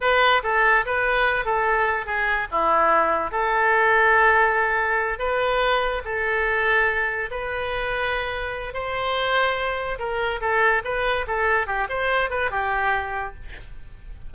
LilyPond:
\new Staff \with { instrumentName = "oboe" } { \time 4/4 \tempo 4 = 144 b'4 a'4 b'4. a'8~ | a'4 gis'4 e'2 | a'1~ | a'8 b'2 a'4.~ |
a'4. b'2~ b'8~ | b'4 c''2. | ais'4 a'4 b'4 a'4 | g'8 c''4 b'8 g'2 | }